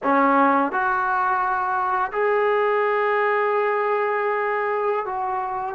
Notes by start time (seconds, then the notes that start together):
0.03 C#4
0.72 F#4
2.12 G#4
5.05 F#4